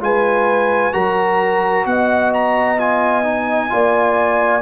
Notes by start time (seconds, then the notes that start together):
0.00 G#3 F4 B4 G#5
0.93 F#3 F#4 A#4 A#5
1.86 B3 D#5 F#5
2.33 A#5
2.77 F4 G#5
3.24 D#4
3.69 A#3 F4 D5